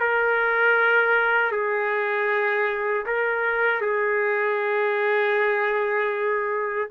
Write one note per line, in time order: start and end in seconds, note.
0.00 1.52 A#4
1.52 3.06 G#4
3.06 3.81 A#4
3.81 6.89 G#4